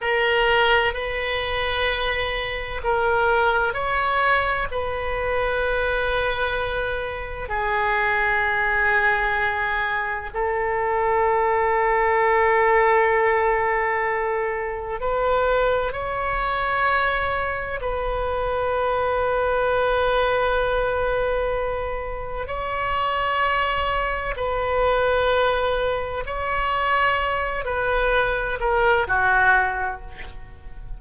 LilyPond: \new Staff \with { instrumentName = "oboe" } { \time 4/4 \tempo 4 = 64 ais'4 b'2 ais'4 | cis''4 b'2. | gis'2. a'4~ | a'1 |
b'4 cis''2 b'4~ | b'1 | cis''2 b'2 | cis''4. b'4 ais'8 fis'4 | }